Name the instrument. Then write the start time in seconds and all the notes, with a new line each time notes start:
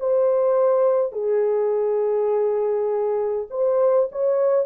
horn
0.00 C5
1.13 G#4
3.51 C5
4.12 C#5